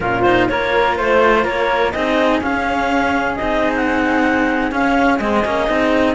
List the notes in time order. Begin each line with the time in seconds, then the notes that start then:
0.00 A#2 C#4 F4 A#4
0.22 D#4 C5
0.48 A#3 F4 A#4 C#5
0.97 A3 C5
1.43 A#3 A#4 C#5
1.92 C4 D#4 G#4 D#5
2.41 C#4 F5
3.35 C4 D#4 D#5
3.75 F#5
4.71 C#4 F5
5.18 G#3 C4 D#5
5.45 A#3 C#4
5.66 C4 D#4